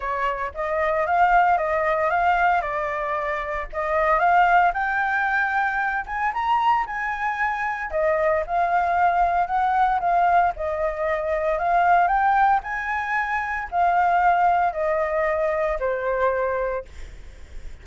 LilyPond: \new Staff \with { instrumentName = "flute" } { \time 4/4 \tempo 4 = 114 cis''4 dis''4 f''4 dis''4 | f''4 d''2 dis''4 | f''4 g''2~ g''8 gis''8 | ais''4 gis''2 dis''4 |
f''2 fis''4 f''4 | dis''2 f''4 g''4 | gis''2 f''2 | dis''2 c''2 | }